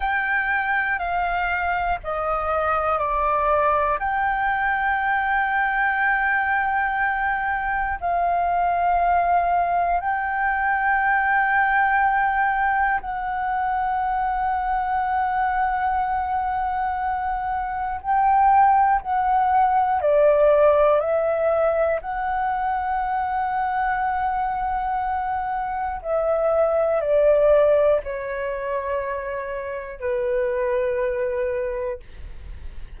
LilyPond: \new Staff \with { instrumentName = "flute" } { \time 4/4 \tempo 4 = 60 g''4 f''4 dis''4 d''4 | g''1 | f''2 g''2~ | g''4 fis''2.~ |
fis''2 g''4 fis''4 | d''4 e''4 fis''2~ | fis''2 e''4 d''4 | cis''2 b'2 | }